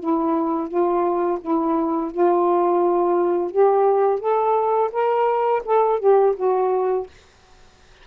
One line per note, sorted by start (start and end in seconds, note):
0.00 0.68 E4
0.68 1.39 F4
1.41 2.12 E4
2.12 3.52 F4
3.52 4.20 G4
4.20 4.91 A4
4.93 5.63 A#4
5.65 6.00 A4
6.00 6.35 G4
6.37 7.07 F#4